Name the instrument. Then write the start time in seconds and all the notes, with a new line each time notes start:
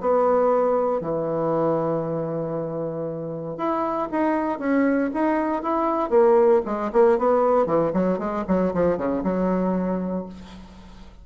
bassoon
0.00 B3
1.00 E3
3.57 E4
4.11 D#4
4.59 C#4
5.14 D#4
5.62 E4
6.10 A#3
6.65 G#3
6.92 A#3
7.18 B3
7.66 E3
7.93 F#3
8.18 G#3
8.47 F#3
8.73 F3
8.97 C#3
9.23 F#3